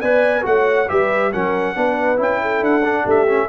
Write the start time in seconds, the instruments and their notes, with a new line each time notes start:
0.00 tuba B3, trombone B4, horn D5, trumpet G#5
0.42 tuba A3, trombone F#4, horn C#5, trumpet F#5
0.88 tuba G3, trombone G4, horn B4, trumpet E5
1.32 tuba F#3, trombone C#4, horn A#4, trumpet F#5
1.75 tuba B3, trombone D4, horn B4
2.16 tuba C#4, trombone E4, trumpet G5
2.41 horn A4
2.61 tuba D4, trumpet F#5
2.84 trombone D4
3.03 tuba A3, horn G4, trumpet E5
3.27 trombone C#4